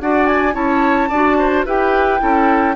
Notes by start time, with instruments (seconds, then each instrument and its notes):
0.00 bassoon D4, clarinet F#4, oboe D5, flute F#5
0.26 flute G#5
0.53 bassoon C#4, clarinet E4, oboe C#5, flute A5
1.09 bassoon D4, clarinet F#4, oboe D5
1.38 oboe C5
1.65 bassoon E4, clarinet G4, oboe B4, flute G5
2.19 bassoon C#4, clarinet E4, oboe A4